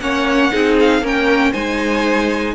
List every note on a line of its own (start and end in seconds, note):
0.00 0.51 A#3
0.00 0.51 C#4
0.00 0.52 C#5
0.00 0.76 F#5
0.51 1.02 C4
0.51 1.02 D#4
0.51 1.02 G#4
0.80 1.06 F5
1.02 1.52 A#3
1.02 1.54 C#4
1.02 1.52 A#4
1.02 1.53 G5
1.52 2.55 G#3
1.52 2.55 D#4
1.52 2.53 C5
1.52 2.55 G#5